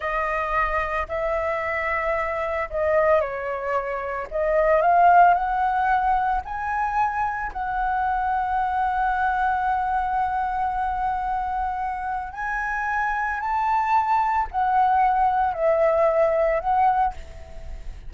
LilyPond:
\new Staff \with { instrumentName = "flute" } { \time 4/4 \tempo 4 = 112 dis''2 e''2~ | e''4 dis''4 cis''2 | dis''4 f''4 fis''2 | gis''2 fis''2~ |
fis''1~ | fis''2. gis''4~ | gis''4 a''2 fis''4~ | fis''4 e''2 fis''4 | }